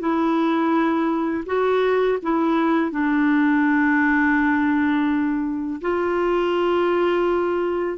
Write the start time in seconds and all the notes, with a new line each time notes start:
0.00 E4
1.47 F#4
2.23 E4
2.92 D4
5.82 F4